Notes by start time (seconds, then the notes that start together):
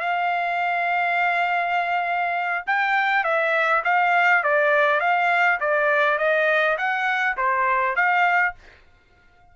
0.00 F5
2.67 G5
3.24 E5
3.84 F5
4.44 D5
5.00 F5
5.60 D5
6.18 D#5
6.78 F#5
7.37 C5
7.96 F5